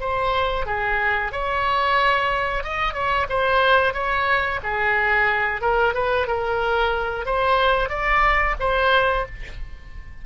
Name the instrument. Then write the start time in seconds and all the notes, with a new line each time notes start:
oboe
0.00 C5
0.66 G#4
1.32 C#5
2.63 D#5
2.93 C#5
3.29 C5
3.94 C#5
4.63 G#4
5.61 A#4
5.94 B4
6.27 A#4
7.26 C5
7.89 D5
8.60 C5